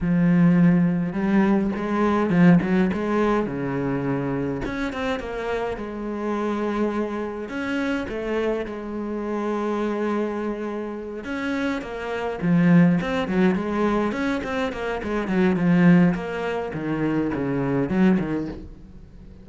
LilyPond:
\new Staff \with { instrumentName = "cello" } { \time 4/4 \tempo 4 = 104 f2 g4 gis4 | f8 fis8 gis4 cis2 | cis'8 c'8 ais4 gis2~ | gis4 cis'4 a4 gis4~ |
gis2.~ gis8 cis'8~ | cis'8 ais4 f4 c'8 fis8 gis8~ | gis8 cis'8 c'8 ais8 gis8 fis8 f4 | ais4 dis4 cis4 fis8 dis8 | }